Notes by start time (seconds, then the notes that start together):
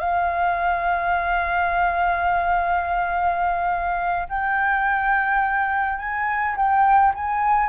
0.00 F5
4.29 G5
5.99 G#5
6.57 G5
7.15 G#5